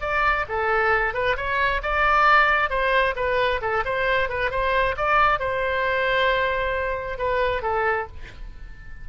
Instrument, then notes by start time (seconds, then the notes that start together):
oboe
0.00 D5
0.48 A4
1.14 B4
1.36 C#5
1.82 D5
2.69 C5
3.15 B4
3.61 A4
3.84 C5
4.29 B4
4.50 C5
4.97 D5
5.39 C5
7.18 B4
7.62 A4